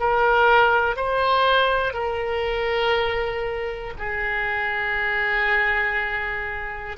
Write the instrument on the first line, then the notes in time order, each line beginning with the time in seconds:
oboe
0.00 A#4
0.97 C5
1.94 A#4
3.99 G#4